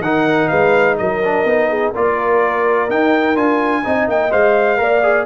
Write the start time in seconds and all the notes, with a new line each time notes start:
0.00 D#3 D#4 A#4 F#5
0.48 G#3 B4 F5
0.98 F#3 A#4 D#5
1.24 D4
1.44 B3 D#4
1.69 G#4
1.91 A#3 F4 A#4 D5
2.89 D#4 G5
3.35 D4 F4 G#5
3.84 C4 D#4 D#5
4.07 A#3 G5
4.30 G#3 C5 F5
4.77 A#3 A#4 D5
5.03 G#4